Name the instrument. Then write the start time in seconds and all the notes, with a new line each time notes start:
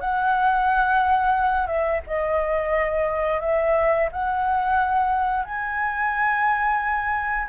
flute
0.00 F#5
1.66 E5
2.06 D#5
3.41 E5
4.12 F#5
5.45 G#5